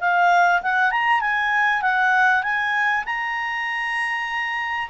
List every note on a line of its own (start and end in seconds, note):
0.00 0.61 F5
0.62 0.91 F#5
0.91 1.20 A#5
1.20 1.81 G#5
1.82 2.43 F#5
2.43 3.04 G#5
3.05 4.89 A#5